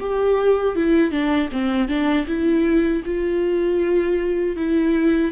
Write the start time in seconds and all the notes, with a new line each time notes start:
0.00 G4
0.76 E4
1.12 D4
1.52 C4
1.88 D4
2.27 E4
3.05 F4
4.56 E4